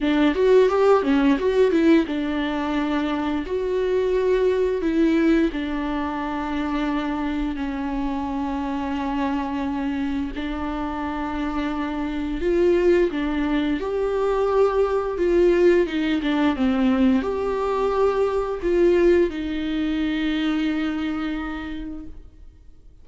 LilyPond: \new Staff \with { instrumentName = "viola" } { \time 4/4 \tempo 4 = 87 d'8 fis'8 g'8 cis'8 fis'8 e'8 d'4~ | d'4 fis'2 e'4 | d'2. cis'4~ | cis'2. d'4~ |
d'2 f'4 d'4 | g'2 f'4 dis'8 d'8 | c'4 g'2 f'4 | dis'1 | }